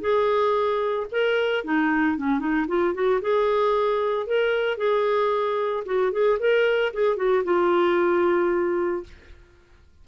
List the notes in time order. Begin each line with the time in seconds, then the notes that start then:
0.00 G#4
1.11 A#4
1.64 D#4
2.17 C#4
2.39 D#4
2.67 F4
2.94 F#4
3.21 G#4
4.26 A#4
4.77 G#4
5.85 F#4
6.12 G#4
6.39 A#4
6.93 G#4
7.16 F#4
7.44 F4